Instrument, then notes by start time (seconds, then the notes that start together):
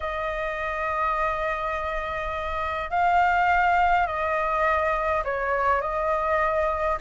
flute
0.00 D#5
2.90 F5
4.06 D#5
5.24 C#5
5.81 D#5